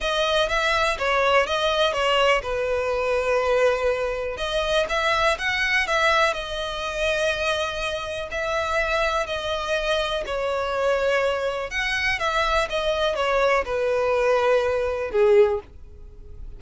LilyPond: \new Staff \with { instrumentName = "violin" } { \time 4/4 \tempo 4 = 123 dis''4 e''4 cis''4 dis''4 | cis''4 b'2.~ | b'4 dis''4 e''4 fis''4 | e''4 dis''2.~ |
dis''4 e''2 dis''4~ | dis''4 cis''2. | fis''4 e''4 dis''4 cis''4 | b'2. gis'4 | }